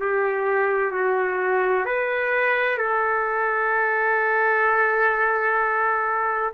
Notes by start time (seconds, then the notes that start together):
0.00 G4
0.91 F#4
1.85 B4
2.78 A4